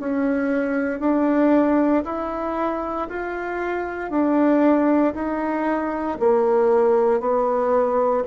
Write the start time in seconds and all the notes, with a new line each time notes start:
0.00 C#4
1.00 D4
2.05 E4
3.09 F4
4.11 D4
5.14 D#4
6.20 A#3
7.20 B3